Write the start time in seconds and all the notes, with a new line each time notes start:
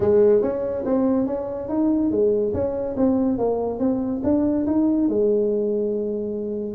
0.00 G#3
0.42 C#4
0.85 C4
1.26 C#4
1.68 D#4
2.11 G#3
2.53 C#4
2.97 C4
3.38 A#3
3.79 C4
4.23 D4
4.66 D#4
5.08 G#3